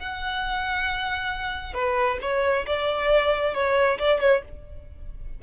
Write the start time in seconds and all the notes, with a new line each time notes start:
0.00 F#5
1.74 B4
2.22 C#5
2.67 D5
3.55 C#5
3.99 D5
4.21 C#5